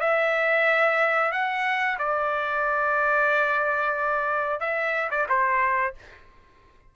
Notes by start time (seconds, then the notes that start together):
0.00 E5
1.32 F#5
1.98 D5
4.60 E5
5.10 D5
5.29 C5